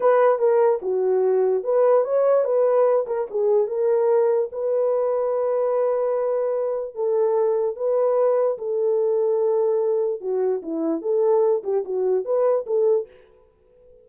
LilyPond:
\new Staff \with { instrumentName = "horn" } { \time 4/4 \tempo 4 = 147 b'4 ais'4 fis'2 | b'4 cis''4 b'4. ais'8 | gis'4 ais'2 b'4~ | b'1~ |
b'4 a'2 b'4~ | b'4 a'2.~ | a'4 fis'4 e'4 a'4~ | a'8 g'8 fis'4 b'4 a'4 | }